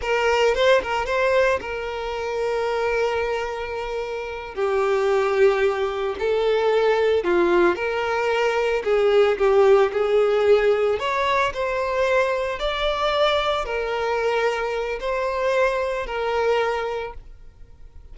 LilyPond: \new Staff \with { instrumentName = "violin" } { \time 4/4 \tempo 4 = 112 ais'4 c''8 ais'8 c''4 ais'4~ | ais'1~ | ais'8 g'2. a'8~ | a'4. f'4 ais'4.~ |
ais'8 gis'4 g'4 gis'4.~ | gis'8 cis''4 c''2 d''8~ | d''4. ais'2~ ais'8 | c''2 ais'2 | }